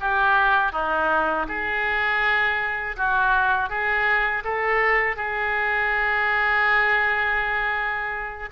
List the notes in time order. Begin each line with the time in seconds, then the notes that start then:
0.00 G4
0.72 D#4
1.48 G#4
2.96 F#4
3.69 G#4
4.44 A4
5.16 G#4